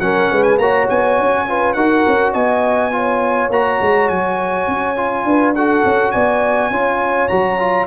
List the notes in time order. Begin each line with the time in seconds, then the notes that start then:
0.00 F#3 C#4 A#4 F#5
0.32 G#3 B4
0.43 G#5
0.58 A#3 F#4 C#5 A#5
0.89 B3 G#5
1.19 C#4
1.48 F4 B4
1.73 D#4 F#4 A#4 F#5
2.07 C#4
2.33 B3 D#5 G#5
2.92 F4 C#5
3.50 A#3 F#4 A#5
3.81 G#3
4.08 F#3 G#5
4.68 C#4
4.96 F4
5.25 D4 B4
5.55 F#4 A4 F#5
5.85 C#4
6.12 B3 D5 G#5
6.71 C#4 F4 C#5
7.28 F#3 F#4 A#5
7.59 F4